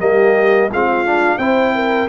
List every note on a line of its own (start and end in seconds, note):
0.00 0.71 G3
0.00 0.70 A#3
0.00 0.71 G4
0.00 0.70 D#5
0.71 1.39 G#3
0.71 1.06 C4
0.71 1.39 F4
0.71 1.39 F5
1.06 1.39 D4
1.39 2.08 C4
1.39 2.09 E4
1.39 1.74 C5
1.39 2.09 G5
1.75 2.09 A#4